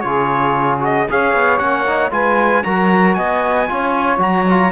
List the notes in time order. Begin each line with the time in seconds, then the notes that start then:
0.00 C#3 F4 G#4 C#5
0.79 F#4 D#5
1.09 C#4 G#4 C#5 F5
1.33 B3
1.57 A#3 C#4 F#5
1.86 D#4
2.10 G#3 F4 B4 G#5
2.63 F#3 F#4 A#4 A#5
3.13 B3 D#5 G#5
3.68 C#4 F4 C#5
4.18 F#3 F#4 A#5
4.49 F4